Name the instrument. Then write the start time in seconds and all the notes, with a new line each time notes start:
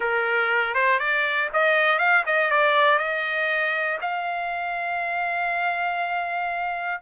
trumpet
0.00 A#4
0.74 C5
0.99 D5
1.53 D#5
1.98 F5
2.25 D#5
2.50 D5
2.98 D#5
4.01 F5